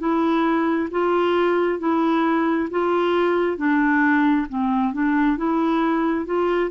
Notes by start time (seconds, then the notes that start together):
0.00 E4
0.91 F4
1.80 E4
2.71 F4
3.58 D4
4.49 C4
4.94 D4
5.38 E4
6.26 F4